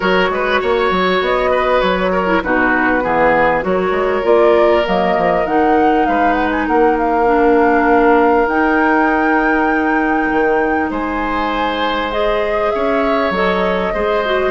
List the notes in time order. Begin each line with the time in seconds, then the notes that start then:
0.00 F#3 F#4 A#4 C#5
0.30 G#3 B4
0.60 A#3 C#5
0.90 F#3
1.20 B3 D#5
1.51 B4
1.81 F#3 C#5
2.12 A#4
2.26 E4
2.42 B2 D#4 F#4 B4
3.01 E3 B3 G#4
3.62 F#3 F#4 A#4 C#5
3.91 G#3
4.22 A#3 F4 D5
4.84 F#3 A#3 D#5
5.17 F3
5.45 D#3 D#4 F#5
6.05 G#3 B4 F5
6.32 F#5
6.51 G#5
6.67 A#3 A#4 F#5
6.98 F5
7.25 D4
8.47 D#4 G5
10.31 D#3
10.90 G#3 C5 G#5
12.11 G#4 D#5
12.71 C#4 C#5 E5
13.30 F#3 A4 D#5
13.93 G#3 G#4 C5
14.25 F#4